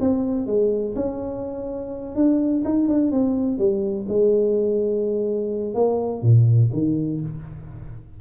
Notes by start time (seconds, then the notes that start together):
0.00 C4
0.46 G#3
0.95 C#4
2.15 D4
2.64 D#4
2.88 D4
3.11 C4
3.58 G3
4.08 G#3
5.74 A#3
6.22 A#2
6.72 D#3